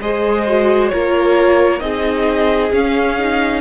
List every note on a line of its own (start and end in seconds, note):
0.00 0.91 G#3
0.00 0.47 G#4
0.00 0.91 C5
0.00 0.88 D#5
0.47 0.92 F#4
0.88 1.80 A#3
0.88 1.79 F4
0.88 1.82 A#4
0.88 1.79 C#5
1.79 2.71 C4
1.79 2.70 D#4
1.79 3.60 G#4
1.79 2.70 D#5
2.72 3.60 C#4
2.72 3.18 C#4
2.72 3.60 F5
3.18 3.60 D#4